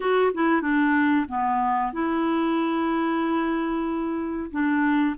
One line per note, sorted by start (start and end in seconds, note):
0.00 0.32 F#4
0.34 0.61 E4
0.61 1.26 D4
1.28 1.92 B3
1.92 4.50 E4
4.51 5.15 D4